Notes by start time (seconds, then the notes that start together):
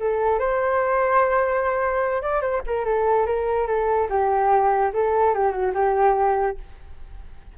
0.00 A4
0.39 C5
2.22 D5
2.42 C5
2.67 A#4
2.85 A4
3.27 A#4
3.67 A4
4.10 G4
4.94 A4
5.34 G4
5.52 F#4
5.75 G4